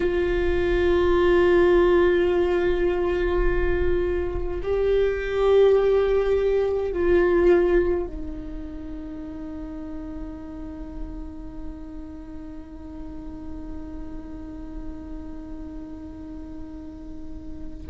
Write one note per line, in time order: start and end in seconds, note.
0.00 4.61 F4
4.63 6.92 G4
6.92 8.06 F4
8.06 17.87 D#4